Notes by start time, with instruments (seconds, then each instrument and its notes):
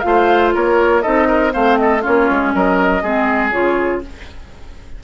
0.00 bassoon A3, clarinet F4, flute F5
0.07 oboe C5
0.54 bassoon A#3, oboe A#4, flute C#5
1.01 bassoon C4, clarinet D#4, oboe A4, flute D#5
1.27 oboe A#4
1.50 bassoon A3, clarinet C4, oboe C5, flute F5
1.77 oboe A4, flute D#5
2.02 bassoon A#3, clarinet C#4, oboe F4, flute C#5
2.30 bassoon G#3
2.54 bassoon F#3, oboe A#4, flute D#5
3.02 bassoon G#3, clarinet C4, oboe G#4
3.51 bassoon C#3, clarinet F4, flute C#5